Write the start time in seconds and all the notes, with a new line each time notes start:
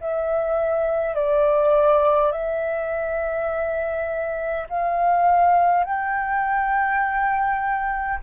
0.00 E5
1.15 D5
2.32 E5
4.69 F5
5.84 G5